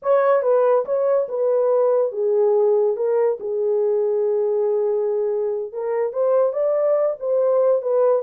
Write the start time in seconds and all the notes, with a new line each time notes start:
0.02 C#5
0.42 B4
0.85 C#5
1.28 B4
2.12 G#4
2.96 A#4
3.40 G#4
5.72 A#4
6.13 C5
6.52 D5
7.19 C5
7.82 B4